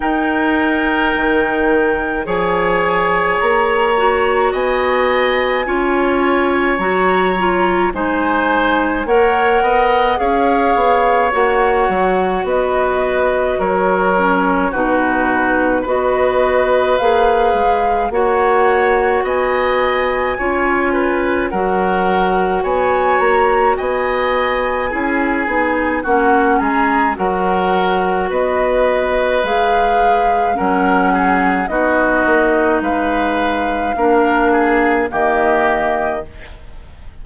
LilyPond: <<
  \new Staff \with { instrumentName = "flute" } { \time 4/4 \tempo 4 = 53 g''2 gis''4 ais''4 | gis''2 ais''4 gis''4 | fis''4 f''4 fis''4 dis''4 | cis''4 b'4 dis''4 f''4 |
fis''4 gis''2 fis''4 | gis''8 ais''8 gis''2 fis''8 ais''8 | fis''4 dis''4 f''4 fis''4 | dis''4 f''2 dis''4 | }
  \new Staff \with { instrumentName = "oboe" } { \time 4/4 ais'2 cis''2 | dis''4 cis''2 c''4 | cis''8 dis''8 cis''2 b'4 | ais'4 fis'4 b'2 |
cis''4 dis''4 cis''8 b'8 ais'4 | cis''4 dis''4 gis'4 fis'8 gis'8 | ais'4 b'2 ais'8 gis'8 | fis'4 b'4 ais'8 gis'8 g'4 | }
  \new Staff \with { instrumentName = "clarinet" } { \time 4/4 dis'2 gis'4. fis'8~ | fis'4 f'4 fis'8 f'8 dis'4 | ais'4 gis'4 fis'2~ | fis'8 cis'8 dis'4 fis'4 gis'4 |
fis'2 f'4 fis'4~ | fis'2 e'8 dis'8 cis'4 | fis'2 gis'4 cis'4 | dis'2 d'4 ais4 | }
  \new Staff \with { instrumentName = "bassoon" } { \time 4/4 dis'4 dis4 f4 ais4 | b4 cis'4 fis4 gis4 | ais8 b8 cis'8 b8 ais8 fis8 b4 | fis4 b,4 b4 ais8 gis8 |
ais4 b4 cis'4 fis4 | b8 ais8 b4 cis'8 b8 ais8 gis8 | fis4 b4 gis4 fis4 | b8 ais8 gis4 ais4 dis4 | }
>>